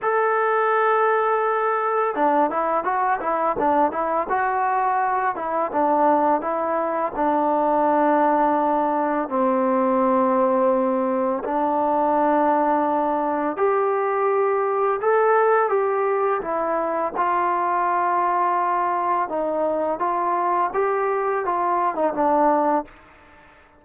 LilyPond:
\new Staff \with { instrumentName = "trombone" } { \time 4/4 \tempo 4 = 84 a'2. d'8 e'8 | fis'8 e'8 d'8 e'8 fis'4. e'8 | d'4 e'4 d'2~ | d'4 c'2. |
d'2. g'4~ | g'4 a'4 g'4 e'4 | f'2. dis'4 | f'4 g'4 f'8. dis'16 d'4 | }